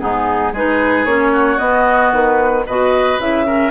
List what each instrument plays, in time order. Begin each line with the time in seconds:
0.00 bassoon G#2, clarinet B3, oboe D#4, flute G#4
0.53 bassoon G#3, clarinet D#4, oboe G#4, flute B4
1.05 bassoon A#3, clarinet C#4, flute C#5
1.32 oboe F#4
1.59 clarinet B3, bassoon B3, flute D#5
2.12 bassoon D#3, flute B4
2.66 bassoon B2, clarinet F#4, oboe B4, flute D#5
3.19 bassoon C#3, clarinet E4, flute E5
3.46 clarinet C#4, oboe A#4